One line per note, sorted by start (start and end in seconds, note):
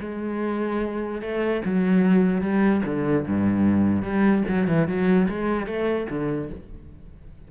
0.00 1.21 G#3
1.21 1.62 A3
1.65 2.41 F#3
2.41 2.82 G3
2.85 3.26 D3
3.27 4.02 G2
4.02 4.43 G3
4.48 4.67 F#3
4.67 4.87 E3
4.87 5.28 F#3
5.29 5.66 G#3
5.66 6.07 A3
6.10 6.50 D3